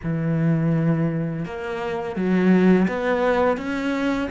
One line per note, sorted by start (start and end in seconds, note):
0.03 1.44 E3
1.44 2.16 A#3
2.16 2.87 F#3
2.88 3.57 B3
3.57 4.28 C#4